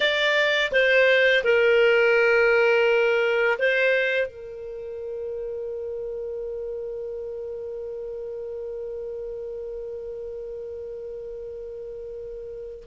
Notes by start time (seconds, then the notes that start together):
0.00 D5
0.71 C5
1.44 A#4
3.58 C5
4.27 A#4